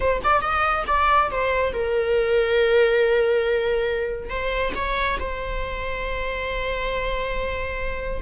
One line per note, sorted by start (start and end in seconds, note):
0.00 0.21 C5
0.23 0.41 D5
0.41 0.84 D#5
0.87 1.30 D5
1.30 1.73 C5
1.73 4.29 A#4
4.29 4.72 C5
4.75 5.18 C#5
5.19 8.21 C5